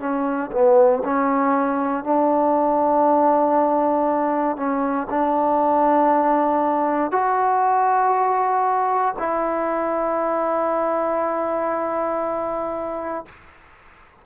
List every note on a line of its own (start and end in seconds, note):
0.00 0.51 C#4
0.52 1.03 B3
1.04 2.04 C#4
2.04 4.57 D4
4.57 5.08 C#4
5.10 7.11 D4
7.11 9.15 F#4
9.19 13.26 E4